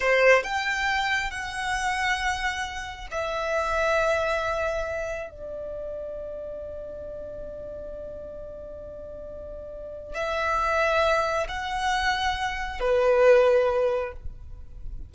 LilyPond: \new Staff \with { instrumentName = "violin" } { \time 4/4 \tempo 4 = 136 c''4 g''2 fis''4~ | fis''2. e''4~ | e''1 | d''1~ |
d''1~ | d''2. e''4~ | e''2 fis''2~ | fis''4 b'2. | }